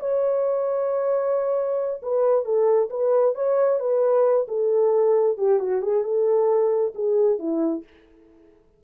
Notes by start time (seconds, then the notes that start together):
0.00 C#5
2.03 B4
2.45 A4
2.90 B4
3.35 C#5
3.80 B4
4.49 A4
5.38 G4
5.60 F#4
5.82 G#4
6.04 A4
6.95 G#4
7.39 E4